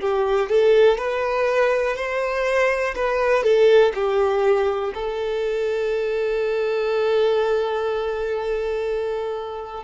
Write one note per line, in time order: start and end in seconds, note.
0.00 0.49 G4
0.49 0.98 A4
0.98 1.96 B4
1.96 2.94 C5
2.95 3.43 B4
3.43 3.93 A4
3.94 4.93 G4
4.94 9.84 A4